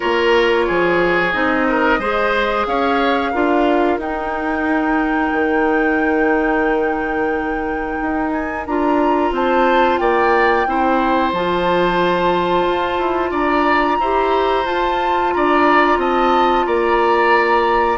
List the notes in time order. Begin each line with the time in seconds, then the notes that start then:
0.00 A#3 F4 A#4 C#5
0.66 F3 G#4
1.32 C4 D#4 D#5
1.68 A#4
1.98 G#3 G#4 C5
2.66 C#4 C#5 F5
3.31 D4 F4 A#4
3.98 D#4 G5
5.32 D#3
8.01 D#4
8.31 G#5
8.66 D4 F4 A#5
9.31 C4 C5 A5
9.98 A#3 D5 G5
10.66 C4 E4 C5
11.32 F3 F4 A5
12.66 F4
12.98 E4
13.30 D4 D5 A#5
13.99 E4 G4 C5
14.64 F4 A5
15.33 D4 D5 A#5
15.97 C4 D#5 A5
16.66 A#3 D5 A#5